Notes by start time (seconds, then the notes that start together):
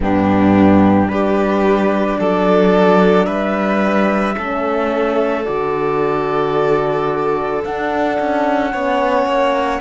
0.00 G2 B3 D4 G4
1.07 G3 D4 G4 B4
2.19 F#3 A4 D5
3.25 G3 B4 E5
4.36 A3 C#4 A4
5.44 D3 F#4 D5
7.64 D4 F#5
8.19 C#4
8.72 B3 C#4 C#5
9.25 A#3